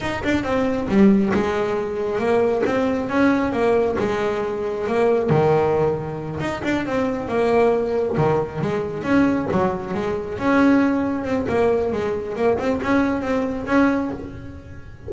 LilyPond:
\new Staff \with { instrumentName = "double bass" } { \time 4/4 \tempo 4 = 136 dis'8 d'8 c'4 g4 gis4~ | gis4 ais4 c'4 cis'4 | ais4 gis2 ais4 | dis2~ dis8 dis'8 d'8 c'8~ |
c'8 ais2 dis4 gis8~ | gis8 cis'4 fis4 gis4 cis'8~ | cis'4. c'8 ais4 gis4 | ais8 c'8 cis'4 c'4 cis'4 | }